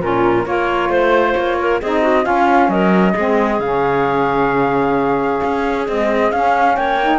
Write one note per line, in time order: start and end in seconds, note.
0.00 0.45 A#2
0.00 0.45 C#4
0.00 0.47 F4
0.00 0.46 A#4
0.45 0.88 A#3
0.45 1.80 F4
0.45 0.90 A#4
0.45 0.90 C#5
0.88 1.33 A3
0.88 1.58 C5
0.88 1.34 C5
1.34 1.81 A#3
1.34 1.79 C#5
1.59 1.81 A#4
1.81 2.26 C4
1.81 2.22 D#4
1.81 2.02 G#4
1.81 2.25 D#5
2.02 2.24 F#4
2.22 3.13 C#4
2.22 2.68 C#4
2.22 2.69 F4
2.22 2.70 F5
2.68 3.13 F#3
2.68 3.13 A#4
2.68 3.60 D#5
3.13 3.59 G#3
3.13 3.62 C4
3.13 6.74 G#4
3.59 5.40 C#3
3.59 5.87 C#4
3.59 5.85 F5
5.43 5.88 C#4
5.87 6.32 G#3
5.87 6.32 C4
5.87 6.31 D#5
6.31 6.76 C#4
6.31 7.01 C#4
6.31 6.76 F5
6.76 7.19 A#3
6.76 7.19 C#5
6.76 7.19 G5
7.01 7.19 D#4